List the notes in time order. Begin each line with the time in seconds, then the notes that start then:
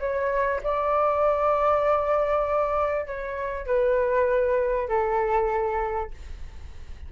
0.00 C#5
0.64 D5
3.06 C#5
3.67 B4
4.89 A4